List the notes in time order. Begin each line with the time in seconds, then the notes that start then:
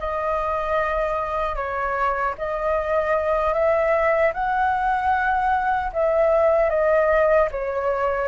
0.00 D#5
1.56 C#5
2.38 D#5
3.54 E5
4.34 F#5
5.93 E5
6.70 D#5
7.52 C#5